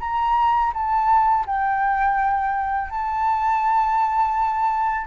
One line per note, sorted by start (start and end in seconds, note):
0.00 0.72 A#5
0.73 1.46 A5
1.46 2.90 G5
2.90 5.07 A5